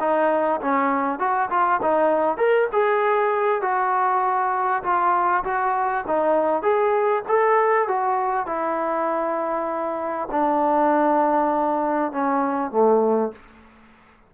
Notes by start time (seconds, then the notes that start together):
0.00 D#4
0.61 C#4
1.19 F#4
1.50 F4
1.82 D#4
2.37 A#4
2.72 G#4
3.61 F#4
4.83 F4
5.44 F#4
6.07 D#4
6.62 G#4
7.28 A4
7.88 F#4
8.46 E4
10.31 D4
12.12 C#4
12.71 A3